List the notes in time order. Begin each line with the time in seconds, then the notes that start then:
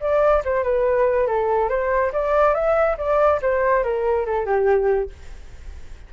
0.00 D5
0.44 C5
0.63 B4
1.27 A4
1.69 C5
2.13 D5
2.54 E5
2.98 D5
3.42 C5
3.83 A#4
4.26 A4
4.46 G4